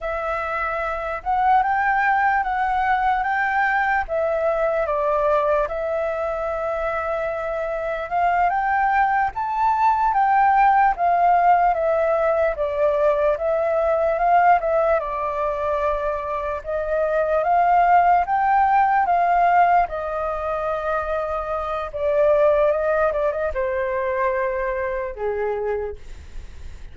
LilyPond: \new Staff \with { instrumentName = "flute" } { \time 4/4 \tempo 4 = 74 e''4. fis''8 g''4 fis''4 | g''4 e''4 d''4 e''4~ | e''2 f''8 g''4 a''8~ | a''8 g''4 f''4 e''4 d''8~ |
d''8 e''4 f''8 e''8 d''4.~ | d''8 dis''4 f''4 g''4 f''8~ | f''8 dis''2~ dis''8 d''4 | dis''8 d''16 dis''16 c''2 gis'4 | }